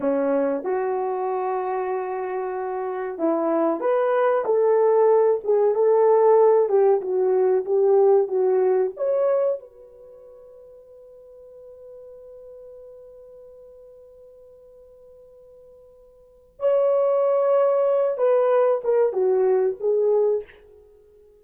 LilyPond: \new Staff \with { instrumentName = "horn" } { \time 4/4 \tempo 4 = 94 cis'4 fis'2.~ | fis'4 e'4 b'4 a'4~ | a'8 gis'8 a'4. g'8 fis'4 | g'4 fis'4 cis''4 b'4~ |
b'1~ | b'1~ | b'2 cis''2~ | cis''8 b'4 ais'8 fis'4 gis'4 | }